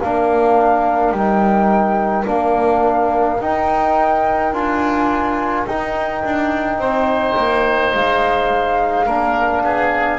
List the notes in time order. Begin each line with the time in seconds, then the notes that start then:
0.00 A#3 D4 A#4 F5
1.12 G3 D#4 G5
2.25 A#3 D4 F5
3.41 D#4 G5
4.53 D4 F4 G#5
5.67 D#4 G5
6.24 D4
6.78 C4 C5
7.37 A#3
7.93 G#3 F5
9.06 A#3 D4 A#4
9.64 B3 G#4